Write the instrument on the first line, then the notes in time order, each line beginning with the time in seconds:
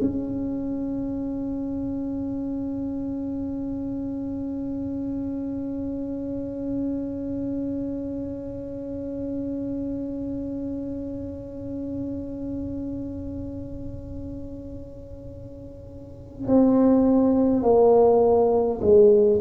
tuba
0.00 C#4
16.47 C4
17.63 A#3
18.81 G#3